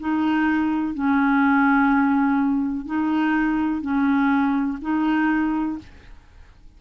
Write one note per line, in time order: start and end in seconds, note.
0.00 0.95 D#4
0.95 2.86 C#4
2.86 3.82 D#4
3.82 4.79 C#4
4.82 5.78 D#4